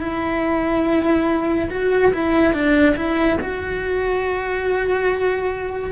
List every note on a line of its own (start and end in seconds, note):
0.00 1.69 E4
1.69 2.12 F#4
2.13 2.53 E4
2.53 2.95 D4
2.95 3.38 E4
3.40 5.91 F#4